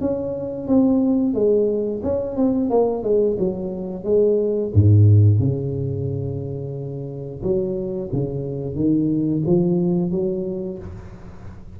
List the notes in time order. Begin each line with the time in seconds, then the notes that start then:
0.00 C#4
0.67 C4
1.34 G#3
2.03 C#4
2.36 C4
2.70 A#3
3.03 G#3
3.38 F#3
4.04 G#3
4.73 G#2
5.39 C#3
7.42 F#3
8.12 C#3
8.75 D#3
9.46 F3
10.11 F#3